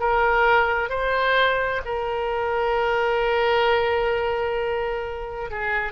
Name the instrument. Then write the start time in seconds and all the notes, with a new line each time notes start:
oboe
0.00 A#4
0.89 C5
1.85 A#4
5.51 G#4